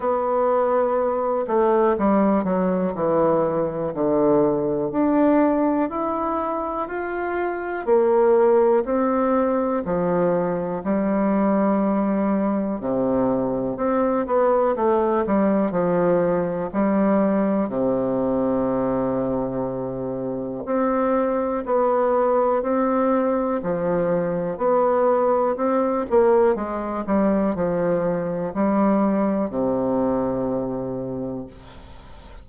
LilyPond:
\new Staff \with { instrumentName = "bassoon" } { \time 4/4 \tempo 4 = 61 b4. a8 g8 fis8 e4 | d4 d'4 e'4 f'4 | ais4 c'4 f4 g4~ | g4 c4 c'8 b8 a8 g8 |
f4 g4 c2~ | c4 c'4 b4 c'4 | f4 b4 c'8 ais8 gis8 g8 | f4 g4 c2 | }